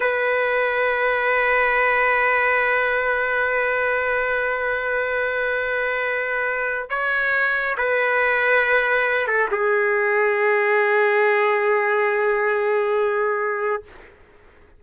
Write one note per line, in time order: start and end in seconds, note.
0.00 6.89 B4
6.89 7.75 C#5
7.77 9.27 B4
9.27 9.48 A4
9.51 13.82 G#4